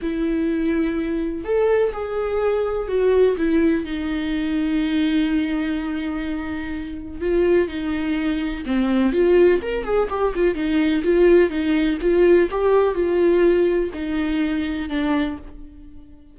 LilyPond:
\new Staff \with { instrumentName = "viola" } { \time 4/4 \tempo 4 = 125 e'2. a'4 | gis'2 fis'4 e'4 | dis'1~ | dis'2. f'4 |
dis'2 c'4 f'4 | ais'8 gis'8 g'8 f'8 dis'4 f'4 | dis'4 f'4 g'4 f'4~ | f'4 dis'2 d'4 | }